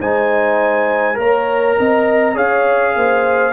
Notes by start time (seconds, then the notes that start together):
0.00 G#3 D#4 C5 G#5
1.15 A#3 A#4 C#5 A#5
1.79 C4 D#5
2.35 C#4 G#4 C#5 F5
2.95 A#3 C5